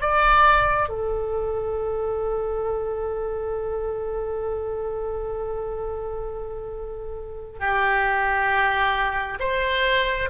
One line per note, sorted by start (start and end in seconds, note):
0.00 0.88 D5
0.88 7.59 A4
7.59 9.38 G4
9.39 10.29 C5